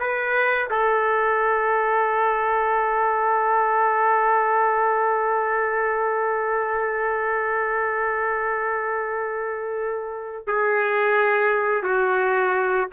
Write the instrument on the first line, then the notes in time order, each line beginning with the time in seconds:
trumpet
0.00 B4
0.70 A4
10.47 G#4
11.83 F#4